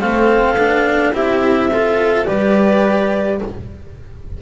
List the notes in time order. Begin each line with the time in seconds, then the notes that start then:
0.00 A3 C4 A4 F5
0.55 B3 D4
1.13 C4 E4 G4 E5
1.72 F4 A4
2.25 G3 G4 B4 D5